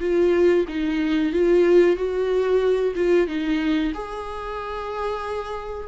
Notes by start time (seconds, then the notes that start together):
0.00 F4
0.68 D#4
1.32 F4
1.96 F#4
2.96 F4
3.28 D#4
3.94 G#4